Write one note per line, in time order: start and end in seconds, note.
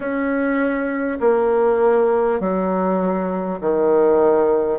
0.00 1.18 C#4
1.19 2.39 A#3
2.39 3.59 F#3
3.60 4.79 D#3